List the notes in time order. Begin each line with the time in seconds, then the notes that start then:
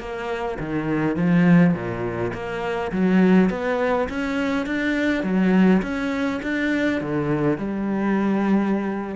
0.00 A#3
0.60 D#3
1.17 F3
1.74 A#2
2.34 A#3
2.92 F#3
3.50 B3
4.09 C#4
4.67 D4
5.24 F#3
5.83 C#4
6.43 D4
7.01 D3
7.58 G3